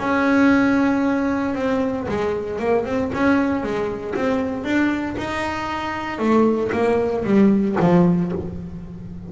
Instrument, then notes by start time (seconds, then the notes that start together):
double bass
0.00 C#4
1.55 C4
2.09 G#3
2.60 A#3
2.86 C4
3.14 C#4
3.63 G#3
4.15 C4
4.64 D4
5.18 D#4
6.20 A3
6.73 A#3
7.25 G3
7.81 F3